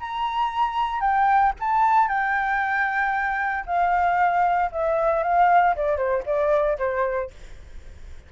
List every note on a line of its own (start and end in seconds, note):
0.00 1.00 A#5
1.00 1.52 G5
1.60 2.08 A5
2.08 3.65 G5
3.66 4.71 F5
4.72 5.23 E5
5.23 5.75 F5
5.76 5.97 D5
5.97 6.23 C5
6.26 6.78 D5
6.78 7.30 C5